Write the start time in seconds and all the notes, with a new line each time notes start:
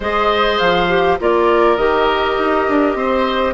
0.00 G#3 G#4 C5 D#5
0.58 F3 F5
0.88 G4
1.19 A#3 F4 A#4 D5
1.76 D#3 G4 D#5
2.38 D#4
2.68 D4
2.95 C4 C5